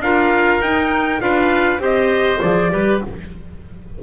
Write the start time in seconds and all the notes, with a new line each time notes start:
0.00 D4 F4 A#4 F5
0.60 D#4 G5
1.20 D4 F4 B4 F5
1.79 C4 G4 C5 D#5
2.41 F3 G#4 D5
2.70 G3 G4 B4